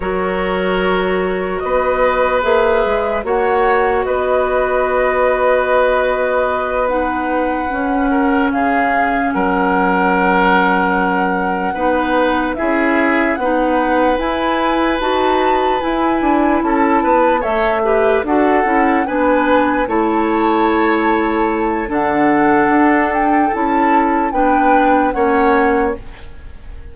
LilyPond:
<<
  \new Staff \with { instrumentName = "flute" } { \time 4/4 \tempo 4 = 74 cis''2 dis''4 e''4 | fis''4 dis''2.~ | dis''8 fis''2 f''4 fis''8~ | fis''2.~ fis''8 e''8~ |
e''8 fis''4 gis''4 a''4 gis''8~ | gis''8 a''4 e''4 fis''4 gis''8~ | gis''8 a''2~ a''8 fis''4~ | fis''8 g''8 a''4 g''4 fis''4 | }
  \new Staff \with { instrumentName = "oboe" } { \time 4/4 ais'2 b'2 | cis''4 b'2.~ | b'2 ais'8 gis'4 ais'8~ | ais'2~ ais'8 b'4 gis'8~ |
gis'8 b'2.~ b'8~ | b'8 a'8 b'8 cis''8 b'8 a'4 b'8~ | b'8 cis''2~ cis''8 a'4~ | a'2 b'4 cis''4 | }
  \new Staff \with { instrumentName = "clarinet" } { \time 4/4 fis'2. gis'4 | fis'1~ | fis'8 dis'4 cis'2~ cis'8~ | cis'2~ cis'8 dis'4 e'8~ |
e'8 dis'4 e'4 fis'4 e'8~ | e'4. a'8 g'8 fis'8 e'8 d'8~ | d'8 e'2~ e'8 d'4~ | d'4 e'4 d'4 cis'4 | }
  \new Staff \with { instrumentName = "bassoon" } { \time 4/4 fis2 b4 ais8 gis8 | ais4 b2.~ | b4. cis'4 cis4 fis8~ | fis2~ fis8 b4 cis'8~ |
cis'8 b4 e'4 dis'4 e'8 | d'8 cis'8 b8 a4 d'8 cis'8 b8~ | b8 a2~ a8 d4 | d'4 cis'4 b4 ais4 | }
>>